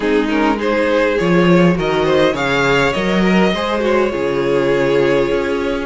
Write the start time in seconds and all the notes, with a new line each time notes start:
0.00 G#3 C4 D#4 G#4
0.29 C#4 A#4
0.57 D#4 G#4 C5
1.18 F3 F4 C#5
1.74 D#3 F#4 A#4 D#5
2.05 C5
2.33 C#3 G#4 C#5 F5
2.92 F#3 A#4 D#5
3.21 A#4
3.54 G#3 G#4 C5
3.80 F#4 C#5
4.09 C#3 F4 G#4
5.30 C#4